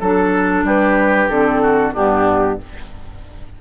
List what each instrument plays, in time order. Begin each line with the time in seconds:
0.00 bassoon F#3, clarinet D4, oboe A4, flute A4
0.64 bassoon G3, oboe G4, flute B4
1.29 bassoon D3, clarinet C4, flute A4
1.62 oboe F#4
1.93 bassoon G2, clarinet B3, oboe D4, flute G4